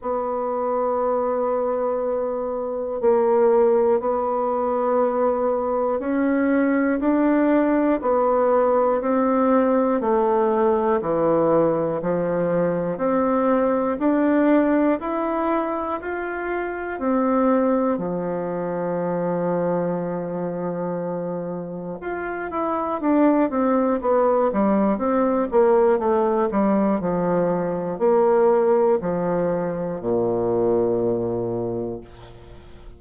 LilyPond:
\new Staff \with { instrumentName = "bassoon" } { \time 4/4 \tempo 4 = 60 b2. ais4 | b2 cis'4 d'4 | b4 c'4 a4 e4 | f4 c'4 d'4 e'4 |
f'4 c'4 f2~ | f2 f'8 e'8 d'8 c'8 | b8 g8 c'8 ais8 a8 g8 f4 | ais4 f4 ais,2 | }